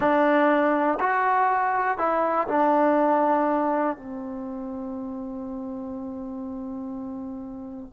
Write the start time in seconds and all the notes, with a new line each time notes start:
0.00 D4
1.00 F#4
1.97 E4
2.47 D4
3.96 C4